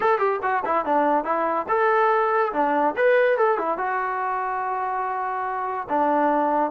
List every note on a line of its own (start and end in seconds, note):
0.00 0.18 A4
0.18 0.39 G4
0.42 0.63 F#4
0.65 0.85 E4
0.85 1.24 D4
1.24 1.66 E4
1.68 2.52 A4
2.53 2.94 D4
2.96 3.37 B4
3.37 3.58 A4
3.58 3.77 E4
3.77 5.87 F#4
5.89 6.71 D4